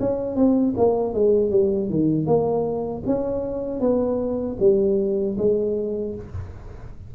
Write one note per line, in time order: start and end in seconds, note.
0.00 0.36 C#4
0.36 0.74 C4
0.77 1.14 A#3
1.14 1.51 G#3
1.51 1.90 G3
1.90 2.27 D#3
2.27 3.03 A#3
3.07 3.80 C#4
3.80 4.57 B3
4.60 5.37 G3
5.38 6.15 G#3